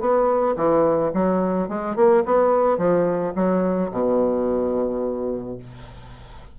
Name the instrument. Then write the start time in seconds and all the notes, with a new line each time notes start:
bassoon
0.00 B3
0.56 E3
1.13 F#3
1.68 G#3
1.95 A#3
2.25 B3
2.78 F3
3.35 F#3
3.91 B2